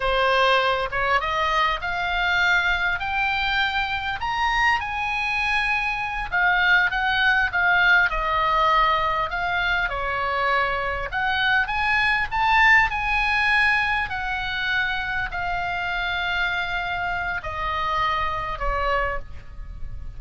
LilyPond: \new Staff \with { instrumentName = "oboe" } { \time 4/4 \tempo 4 = 100 c''4. cis''8 dis''4 f''4~ | f''4 g''2 ais''4 | gis''2~ gis''8 f''4 fis''8~ | fis''8 f''4 dis''2 f''8~ |
f''8 cis''2 fis''4 gis''8~ | gis''8 a''4 gis''2 fis''8~ | fis''4. f''2~ f''8~ | f''4 dis''2 cis''4 | }